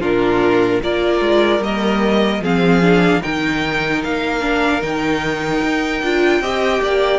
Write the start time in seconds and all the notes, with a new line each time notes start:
0.00 A#2 D4 F4 A#4
0.83 A#3 F4 A#4 D5
1.21 G#3
1.60 G3 A#3 D#5
2.40 F3 C4 G#4 F5
2.82 D4
3.22 D#3 D#4 A#4 G5
4.04 A#3 F5
4.41 D4
4.81 D#3 D#4 G5
5.63 D#4
6.03 D4 F4
6.41 C4 G4 D#5
6.82 A#3 D5